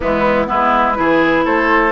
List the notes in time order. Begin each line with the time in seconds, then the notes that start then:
0.00 E3 G#3 B3 E4
0.46 G#3 B3 E4 B4
0.95 E3 E4 G#4
1.44 A3 A4 C5